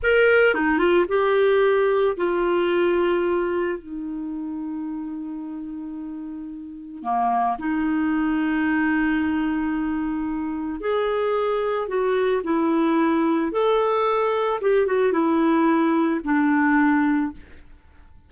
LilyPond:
\new Staff \with { instrumentName = "clarinet" } { \time 4/4 \tempo 4 = 111 ais'4 dis'8 f'8 g'2 | f'2. dis'4~ | dis'1~ | dis'4 ais4 dis'2~ |
dis'1 | gis'2 fis'4 e'4~ | e'4 a'2 g'8 fis'8 | e'2 d'2 | }